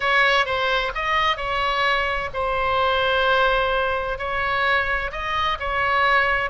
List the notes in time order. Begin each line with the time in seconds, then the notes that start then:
0.00 C#5
0.45 C5
0.95 D#5
1.36 C#5
2.33 C5
4.18 C#5
5.11 D#5
5.59 C#5